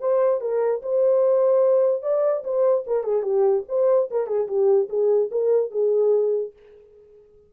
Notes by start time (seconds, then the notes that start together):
0.00 C5
0.41 A#4
0.83 C5
2.03 D5
2.44 C5
2.87 A#4
3.04 G#4
3.23 G4
3.69 C5
4.11 A#4
4.27 G#4
4.48 G4
4.89 G#4
5.31 A#4
5.71 G#4